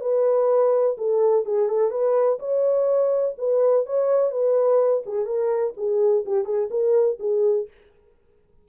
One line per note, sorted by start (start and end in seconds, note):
0.00 0.96 B4
0.97 1.45 A4
1.45 1.68 G#4
1.68 1.90 A4
1.90 2.38 B4
2.39 3.35 C#5
3.38 3.86 B4
3.86 4.31 C#5
4.31 5.03 B4
5.06 5.25 G#4
5.25 5.73 A#4
5.76 6.24 G#4
6.25 6.44 G4
6.44 6.68 G#4
6.70 7.18 A#4
7.19 7.67 G#4